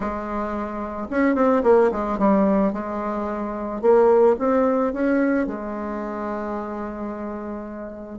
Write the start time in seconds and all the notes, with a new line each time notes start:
0.00 G#3
1.10 C#4
1.35 C4
1.63 A#3
1.91 G#3
2.18 G3
2.72 G#3
3.81 A#3
4.38 C4
4.93 C#4
5.46 G#3